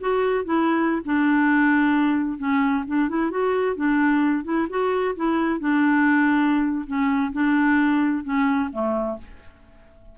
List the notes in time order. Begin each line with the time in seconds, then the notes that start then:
0.00 F#4
0.45 E4
1.05 D4
2.38 C#4
2.87 D4
3.09 E4
3.31 F#4
3.76 D4
4.44 E4
4.69 F#4
5.15 E4
5.60 D4
6.86 C#4
7.33 D4
8.24 C#4
8.72 A3